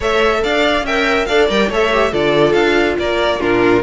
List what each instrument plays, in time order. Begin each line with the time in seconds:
0.00 cello A3, viola A4, violin C#5 E5
0.43 cello D4, violin D5 F5
0.82 cello C#4, viola A#4, violin E5 G5
1.25 cello D4, viola A4, violin D5 F5
1.49 cello G3, viola A#4, violin G5
1.69 cello A3, viola A4, violin C#5 E5
1.92 viola G4
2.11 cello D3, viola F4, violin A4 D5
2.52 cello D4, violin F5
2.98 cello A#3, violin A#4 D5
3.39 cello A#2, viola D4, violin F4 A#4